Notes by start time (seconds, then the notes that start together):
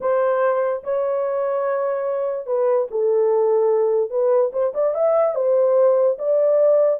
0.01 C5
0.83 C#5
2.46 B4
2.90 A4
4.10 B4
4.52 C5
4.74 D5
4.94 E5
5.35 C5
6.18 D5